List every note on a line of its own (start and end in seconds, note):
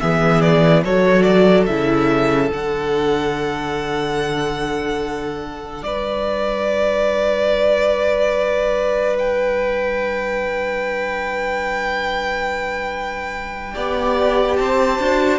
0.00 0.84 E3
0.00 0.84 B3
0.00 0.84 G#4
0.00 0.41 E5
0.41 0.82 D5
0.84 1.68 F#3
0.84 1.69 F#4
0.84 5.84 A4
0.84 1.22 C#5
1.22 1.64 D5
1.66 2.51 C#3
1.66 2.52 E4
1.66 2.49 E5
2.52 5.83 D3
2.52 13.75 D4
2.52 5.83 F#5
5.83 13.74 G3
5.83 13.74 B4
5.83 9.16 D5
9.19 14.56 G5
13.74 14.59 B3
13.74 14.99 G4
13.74 14.57 D5
14.56 14.99 C4
14.56 15.39 C5
14.56 15.39 A5
14.99 15.39 D4
14.99 15.39 F#4